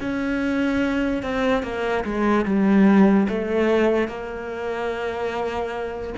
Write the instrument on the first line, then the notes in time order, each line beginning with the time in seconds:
cello
0.00 C#4
1.22 C4
1.63 A#3
2.04 G#3
2.45 G3
3.28 A3
4.08 A#3